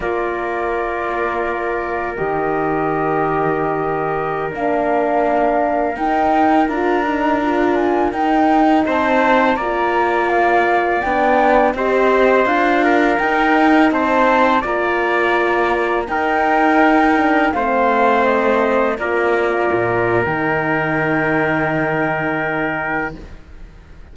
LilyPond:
<<
  \new Staff \with { instrumentName = "flute" } { \time 4/4 \tempo 4 = 83 d''2. dis''4~ | dis''2~ dis''16 f''4.~ f''16~ | f''16 g''4 ais''4. gis''8 g''8.~ | g''16 a''4 ais''4 f''4 g''8.~ |
g''16 dis''4 f''4 g''4 a''8.~ | a''16 ais''2 g''4.~ g''16~ | g''16 f''4 dis''4 d''4.~ d''16 | g''1 | }
  \new Staff \with { instrumentName = "trumpet" } { \time 4/4 ais'1~ | ais'1~ | ais'1~ | ais'16 c''4 d''2~ d''8.~ |
d''16 c''4. ais'4. c''8.~ | c''16 d''2 ais'4.~ ais'16~ | ais'16 c''2 ais'4.~ ais'16~ | ais'1 | }
  \new Staff \with { instrumentName = "horn" } { \time 4/4 f'2. g'4~ | g'2~ g'16 d'4.~ d'16~ | d'16 dis'4 f'8 dis'8 f'4 dis'8.~ | dis'4~ dis'16 f'2 d'8.~ |
d'16 g'4 f'4 dis'4.~ dis'16~ | dis'16 f'2 dis'4. d'16~ | d'16 c'2 f'4.~ f'16 | dis'1 | }
  \new Staff \with { instrumentName = "cello" } { \time 4/4 ais2. dis4~ | dis2~ dis16 ais4.~ ais16~ | ais16 dis'4 d'2 dis'8.~ | dis'16 c'4 ais2 b8.~ |
b16 c'4 d'4 dis'4 c'8.~ | c'16 ais2 dis'4.~ dis'16~ | dis'16 a2 ais4 ais,8. | dis1 | }
>>